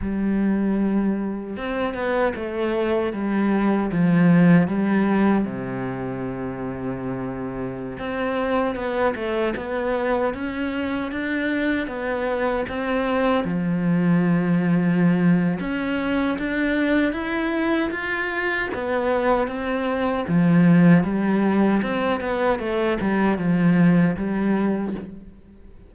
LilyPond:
\new Staff \with { instrumentName = "cello" } { \time 4/4 \tempo 4 = 77 g2 c'8 b8 a4 | g4 f4 g4 c4~ | c2~ c16 c'4 b8 a16~ | a16 b4 cis'4 d'4 b8.~ |
b16 c'4 f2~ f8. | cis'4 d'4 e'4 f'4 | b4 c'4 f4 g4 | c'8 b8 a8 g8 f4 g4 | }